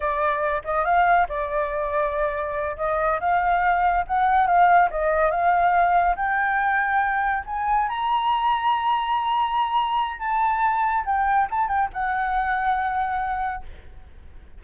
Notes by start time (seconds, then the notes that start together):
0.00 D5
0.64 D#5
0.84 F5
1.29 D5
2.77 D#5
3.20 F5
4.07 F#5
4.46 F5
4.90 D#5
5.30 F5
6.16 G5
7.46 G#5
7.89 A#5
10.19 A5
11.05 G5
11.50 A5
11.68 G5
11.93 F#5